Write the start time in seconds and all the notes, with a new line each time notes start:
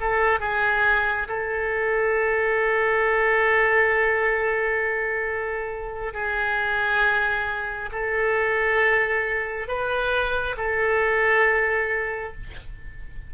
0.00 A4
0.40 G#4
1.28 A4
6.13 G#4
7.92 A4
9.68 B4
10.57 A4